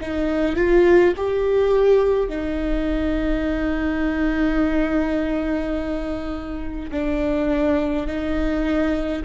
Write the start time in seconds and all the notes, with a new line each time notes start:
0.00 D#4
0.56 F4
1.16 G4
2.29 D#4
6.91 D4
8.07 D#4